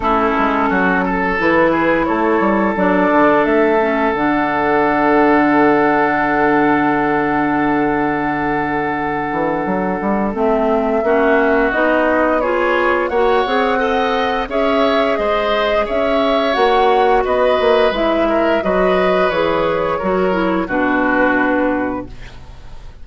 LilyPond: <<
  \new Staff \with { instrumentName = "flute" } { \time 4/4 \tempo 4 = 87 a'2 b'4 cis''4 | d''4 e''4 fis''2~ | fis''1~ | fis''2. e''4~ |
e''4 dis''4 cis''4 fis''4~ | fis''4 e''4 dis''4 e''4 | fis''4 dis''4 e''4 dis''4 | cis''2 b'2 | }
  \new Staff \with { instrumentName = "oboe" } { \time 4/4 e'4 fis'8 a'4 gis'8 a'4~ | a'1~ | a'1~ | a'1 |
fis'2 gis'4 cis''4 | dis''4 cis''4 c''4 cis''4~ | cis''4 b'4. ais'8 b'4~ | b'4 ais'4 fis'2 | }
  \new Staff \with { instrumentName = "clarinet" } { \time 4/4 cis'2 e'2 | d'4. cis'8 d'2~ | d'1~ | d'2. c'4 |
cis'4 dis'4 f'4 fis'8 gis'8 | a'4 gis'2. | fis'2 e'4 fis'4 | gis'4 fis'8 e'8 d'2 | }
  \new Staff \with { instrumentName = "bassoon" } { \time 4/4 a8 gis8 fis4 e4 a8 g8 | fis8 d8 a4 d2~ | d1~ | d4. e8 fis8 g8 a4 |
ais4 b2 ais8 c'8~ | c'4 cis'4 gis4 cis'4 | ais4 b8 ais8 gis4 fis4 | e4 fis4 b,2 | }
>>